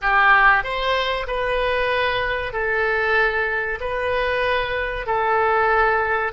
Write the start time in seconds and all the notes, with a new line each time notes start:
0.01 G4
0.63 C5
1.27 B4
2.52 A4
3.80 B4
5.06 A4